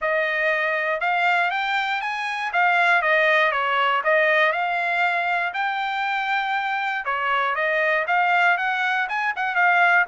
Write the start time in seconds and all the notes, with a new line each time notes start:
0.01 D#5
1.00 F5
1.50 G5
2.01 G#5
2.52 F5
3.02 D#5
3.51 C#5
4.04 D#5
4.52 F5
5.53 G5
7.05 C#5
7.55 D#5
8.07 F5
8.57 F#5
9.08 G#5
9.36 F#5
9.55 F5